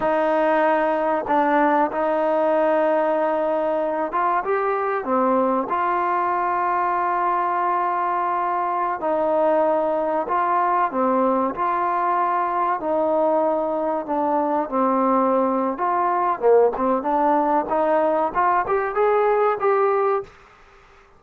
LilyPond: \new Staff \with { instrumentName = "trombone" } { \time 4/4 \tempo 4 = 95 dis'2 d'4 dis'4~ | dis'2~ dis'8 f'8 g'4 | c'4 f'2.~ | f'2~ f'16 dis'4.~ dis'16~ |
dis'16 f'4 c'4 f'4.~ f'16~ | f'16 dis'2 d'4 c'8.~ | c'4 f'4 ais8 c'8 d'4 | dis'4 f'8 g'8 gis'4 g'4 | }